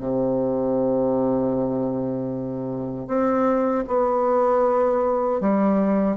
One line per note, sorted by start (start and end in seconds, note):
0.00 3.07 C3
3.07 3.85 C4
3.87 5.41 B3
5.41 6.17 G3